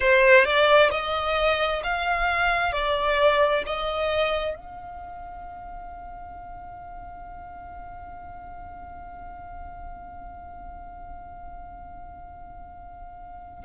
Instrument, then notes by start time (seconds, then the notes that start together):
violin
0.00 C5
0.44 D5
0.91 D#5
1.83 F5
2.72 D5
3.66 D#5
4.55 F5